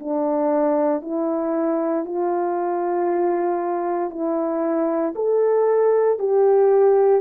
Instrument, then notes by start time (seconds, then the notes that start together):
horn
0.00 D4
1.02 E4
2.05 F4
4.11 E4
5.16 A4
6.19 G4